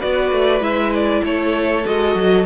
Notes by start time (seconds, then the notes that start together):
0.00 B3 F#4 B4 D5
0.33 A3
0.61 G#3 E4 E5
0.94 D5
1.24 A3 A4 C#5
1.86 G#3 F#4 D#5
2.16 F#3